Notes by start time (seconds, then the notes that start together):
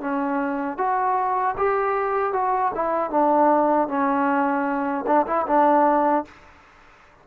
0.00 C#4
0.77 F#4
1.57 G4
2.33 F#4
2.74 E4
3.10 D4
3.88 C#4
5.06 D4
5.26 E4
5.47 D4